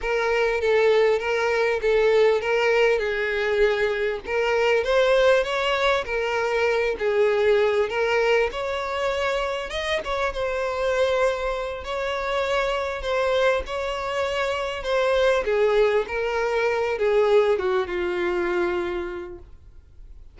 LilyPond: \new Staff \with { instrumentName = "violin" } { \time 4/4 \tempo 4 = 99 ais'4 a'4 ais'4 a'4 | ais'4 gis'2 ais'4 | c''4 cis''4 ais'4. gis'8~ | gis'4 ais'4 cis''2 |
dis''8 cis''8 c''2~ c''8 cis''8~ | cis''4. c''4 cis''4.~ | cis''8 c''4 gis'4 ais'4. | gis'4 fis'8 f'2~ f'8 | }